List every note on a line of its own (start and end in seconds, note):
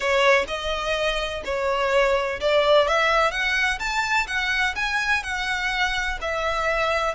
0.00 0.45 C#5
0.47 1.42 D#5
1.44 2.39 C#5
2.40 2.87 D5
2.87 3.31 E5
3.31 3.79 F#5
3.79 4.26 A5
4.27 4.74 F#5
4.75 5.23 G#5
5.23 6.18 F#5
6.21 7.14 E5